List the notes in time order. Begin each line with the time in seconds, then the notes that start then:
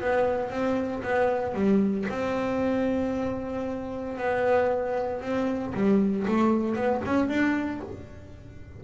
0.00 B3
0.50 C4
1.03 B3
1.54 G3
2.09 C4
4.17 B3
5.21 C4
5.74 G3
6.27 A3
6.75 B3
7.04 C#4
7.28 D4